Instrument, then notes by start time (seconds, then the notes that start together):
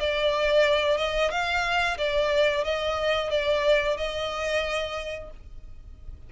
violin
0.00 D5
0.98 D#5
1.31 F5
1.98 D5
2.65 D#5
3.31 D5
3.98 D#5